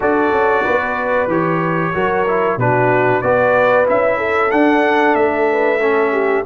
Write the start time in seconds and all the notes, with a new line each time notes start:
0.00 D4 F#4 A4 D5
0.31 C#4
0.63 B3 B4
1.27 E3 G4 C#5
1.94 F#3 F#4 A#4
2.27 E4
2.57 B2 D4 F#4 B4
3.21 B3 F#4 B4 D5
3.86 C#4 E4 E5
4.17 A4
4.50 D4 F#5
5.15 A3 E5
5.52 B4
5.80 C#4 A4
6.12 G4